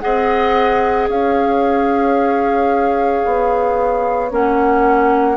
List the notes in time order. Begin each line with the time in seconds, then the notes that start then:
0.00 C4 G#4 D#5 F#5
1.08 C#4 C#5 F5
3.26 B3
4.30 A#3 C#4 F#5